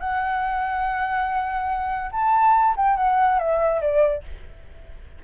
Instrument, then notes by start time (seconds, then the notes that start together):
flute
0.00 F#5
2.12 A5
2.77 G5
2.97 F#5
3.39 E5
3.81 D5